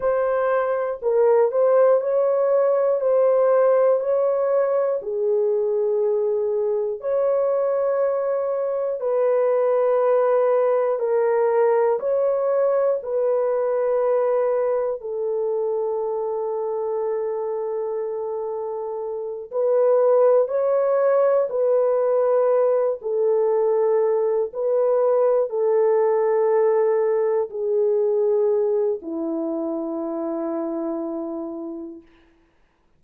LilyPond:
\new Staff \with { instrumentName = "horn" } { \time 4/4 \tempo 4 = 60 c''4 ais'8 c''8 cis''4 c''4 | cis''4 gis'2 cis''4~ | cis''4 b'2 ais'4 | cis''4 b'2 a'4~ |
a'2.~ a'8 b'8~ | b'8 cis''4 b'4. a'4~ | a'8 b'4 a'2 gis'8~ | gis'4 e'2. | }